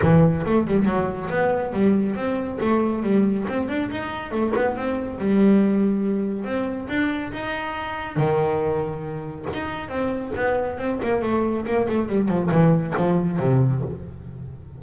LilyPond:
\new Staff \with { instrumentName = "double bass" } { \time 4/4 \tempo 4 = 139 e4 a8 g8 fis4 b4 | g4 c'4 a4 g4 | c'8 d'8 dis'4 a8 b8 c'4 | g2. c'4 |
d'4 dis'2 dis4~ | dis2 dis'4 c'4 | b4 c'8 ais8 a4 ais8 a8 | g8 f8 e4 f4 c4 | }